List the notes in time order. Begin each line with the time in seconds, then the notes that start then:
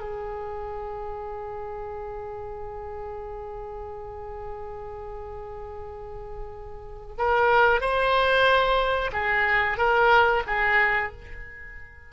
0.00 G#4
7.18 A#4
7.81 C5
9.13 G#4
9.78 A#4
10.47 G#4